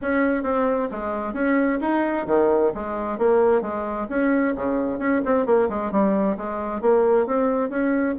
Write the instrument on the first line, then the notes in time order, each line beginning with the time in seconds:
bassoon
0.01 C#4
0.43 C4
0.91 G#3
1.33 C#4
1.80 D#4
2.26 D#3
2.74 G#3
3.18 A#3
3.61 G#3
4.09 C#4
4.55 C#3
4.98 C#4
5.25 C4
5.46 A#3
5.69 G#3
5.91 G3
6.37 G#3
6.81 A#3
7.26 C4
7.69 C#4